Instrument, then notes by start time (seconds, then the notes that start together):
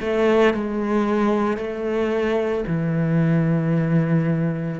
cello
0.00 A3
0.54 G#3
1.57 A3
2.66 E3